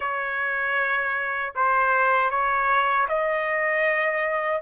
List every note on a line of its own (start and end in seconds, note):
0.00 1.53 C#5
1.55 2.30 C5
2.30 3.07 C#5
3.08 4.61 D#5